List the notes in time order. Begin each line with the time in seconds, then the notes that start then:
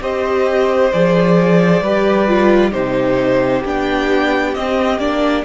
0.00 C4 G4 C5 D#5
0.92 F3 G#4 D5
1.81 G3 G4 B4
2.27 F4
2.70 C3 D#4 G4 C5
3.64 B3 D4 G5
4.54 C4 D#5
4.98 A#3 D4 D5